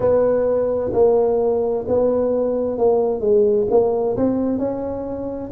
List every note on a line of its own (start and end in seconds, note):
0.00 0.91 B3
0.92 1.85 A#3
1.87 2.78 B3
2.78 3.20 A#3
3.20 3.66 G#3
3.70 4.16 A#3
4.17 4.58 C4
4.58 5.50 C#4